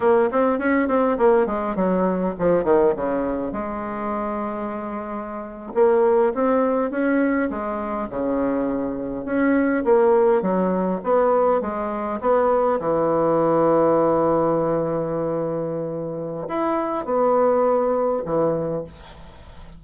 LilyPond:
\new Staff \with { instrumentName = "bassoon" } { \time 4/4 \tempo 4 = 102 ais8 c'8 cis'8 c'8 ais8 gis8 fis4 | f8 dis8 cis4 gis2~ | gis4.~ gis16 ais4 c'4 cis'16~ | cis'8. gis4 cis2 cis'16~ |
cis'8. ais4 fis4 b4 gis16~ | gis8. b4 e2~ e16~ | e1 | e'4 b2 e4 | }